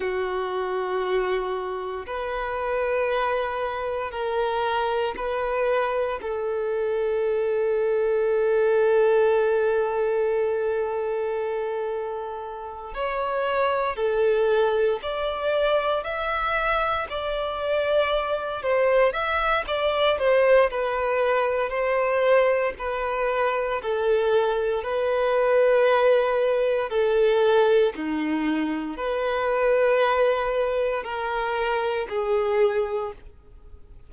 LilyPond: \new Staff \with { instrumentName = "violin" } { \time 4/4 \tempo 4 = 58 fis'2 b'2 | ais'4 b'4 a'2~ | a'1~ | a'8 cis''4 a'4 d''4 e''8~ |
e''8 d''4. c''8 e''8 d''8 c''8 | b'4 c''4 b'4 a'4 | b'2 a'4 dis'4 | b'2 ais'4 gis'4 | }